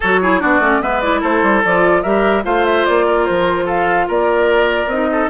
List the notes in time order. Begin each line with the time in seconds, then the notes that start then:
0.00 F#3 F#4 A4 C#5
0.22 E4 G#4
0.40 B3 D4 F#4 D5
0.59 A3 C#4
0.81 G#3 B3 B4 E5
1.00 E4 D5
1.20 A3 A4 C5
1.42 G3
1.64 F3 F4 D5
2.02 G3 G4 A#4 E5
2.43 A3 F4 C5 F5
2.65 E5
2.85 A#3 D5
3.06 A#4
3.25 F3 C5
3.65 A4 F5
4.07 A#3 A#4 D5
4.86 C4 D#4 D#5
5.11 A4